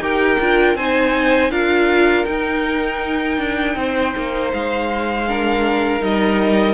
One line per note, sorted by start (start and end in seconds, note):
0.00 0.38 D#4
0.00 0.39 G4
0.00 0.76 A#4
0.00 0.76 G5
0.40 0.75 D4
0.40 0.78 F4
0.75 1.50 C4
0.75 1.51 D#4
0.75 1.50 C5
0.75 1.51 G#5
1.50 2.25 D4
1.50 2.26 F4
1.50 3.75 A#4
1.50 2.25 F5
2.25 5.26 D#4
2.25 3.38 D#4
2.25 4.50 G5
3.38 3.75 D4
3.75 4.13 C4
3.75 5.29 C5
4.17 4.53 A#3
4.53 6.01 G#3
4.53 6.03 F5
5.28 6.00 D4
5.28 6.74 A#4
6.00 6.74 G3
6.00 6.74 D#4
6.00 6.74 D#5